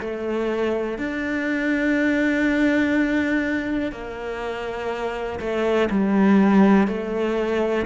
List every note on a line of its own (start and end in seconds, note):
0.00 0.98 A3
0.98 3.92 D4
3.92 5.39 A#3
5.40 5.89 A3
5.90 6.87 G3
6.87 7.86 A3